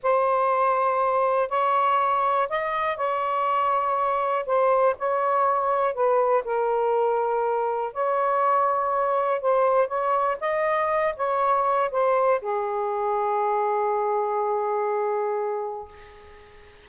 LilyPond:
\new Staff \with { instrumentName = "saxophone" } { \time 4/4 \tempo 4 = 121 c''2. cis''4~ | cis''4 dis''4 cis''2~ | cis''4 c''4 cis''2 | b'4 ais'2. |
cis''2. c''4 | cis''4 dis''4. cis''4. | c''4 gis'2.~ | gis'1 | }